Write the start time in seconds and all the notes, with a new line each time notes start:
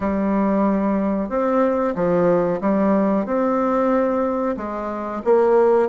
0.00 G3
1.29 C4
1.95 F3
2.61 G3
3.25 C4
4.57 G#3
5.24 A#3